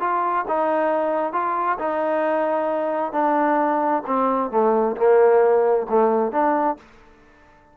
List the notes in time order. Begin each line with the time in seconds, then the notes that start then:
0.00 F4
0.48 D#4
1.33 F4
1.79 D#4
3.13 D4
4.06 C4
4.51 A3
4.96 A#3
5.89 A3
6.32 D4